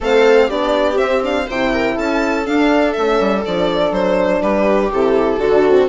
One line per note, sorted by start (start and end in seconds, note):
0.00 0.50 A3
0.00 0.50 C4
0.00 0.47 A4
0.00 0.50 F5
0.47 0.99 B3
0.47 0.95 D4
0.47 1.45 G4
0.47 0.97 D5
0.95 1.20 C4
0.95 1.48 C4
0.95 1.22 E5
1.22 1.47 D4
1.22 1.49 F5
1.46 1.97 C3
1.46 2.45 E4
1.46 1.70 C5
1.46 1.98 G5
1.73 1.94 A#4
1.94 2.47 C#4
1.94 4.40 A4
1.94 2.46 A5
2.45 2.94 D4
2.45 2.96 D4
2.45 2.93 F5
2.93 3.20 A3
2.93 3.44 C#4
2.93 3.42 E5
3.20 3.44 G3
3.45 3.91 F3
3.45 4.92 D4
3.45 3.92 D5
3.91 4.40 F#3
3.91 4.42 C5
4.41 4.91 G3
4.41 5.39 G4
4.41 4.91 B4
4.91 5.38 C3
4.91 5.41 E4
4.91 5.88 A4
5.38 5.87 D3
5.38 5.68 D4
5.38 5.88 F#4
5.68 5.88 C4